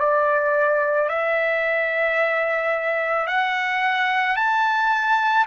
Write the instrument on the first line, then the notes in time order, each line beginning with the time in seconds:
trumpet
0.00 D5
1.10 E5
3.27 F#5
4.36 A5